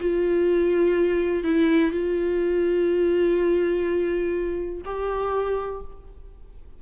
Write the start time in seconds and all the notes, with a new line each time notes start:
0.00 F4
1.44 E4
1.91 F4
4.85 G4